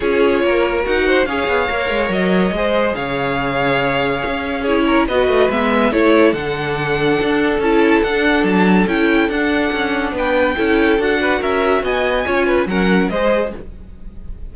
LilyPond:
<<
  \new Staff \with { instrumentName = "violin" } { \time 4/4 \tempo 4 = 142 cis''2 fis''4 f''4~ | f''4 dis''2 f''4~ | f''2. cis''4 | dis''4 e''4 cis''4 fis''4~ |
fis''2 a''4 fis''4 | a''4 g''4 fis''2 | g''2 fis''4 e''4 | gis''2 fis''4 dis''4 | }
  \new Staff \with { instrumentName = "violin" } { \time 4/4 gis'4 ais'4. c''8 cis''4~ | cis''2 c''4 cis''4~ | cis''2. gis'8 ais'8 | b'2 a'2~ |
a'1~ | a'1 | b'4 a'4. b'8 ais'4 | dis''4 cis''8 b'8 ais'4 c''4 | }
  \new Staff \with { instrumentName = "viola" } { \time 4/4 f'2 fis'4 gis'4 | ais'2 gis'2~ | gis'2. e'4 | fis'4 b4 e'4 d'4~ |
d'2 e'4 d'4~ | d'4 e'4 d'2~ | d'4 e'4 fis'2~ | fis'4 f'4 cis'4 gis'4 | }
  \new Staff \with { instrumentName = "cello" } { \time 4/4 cis'4 ais4 dis'4 cis'8 b8 | ais8 gis8 fis4 gis4 cis4~ | cis2 cis'2 | b8 a8 gis4 a4 d4~ |
d4 d'4 cis'4 d'4 | fis4 cis'4 d'4 cis'4 | b4 cis'4 d'4 cis'4 | b4 cis'4 fis4 gis4 | }
>>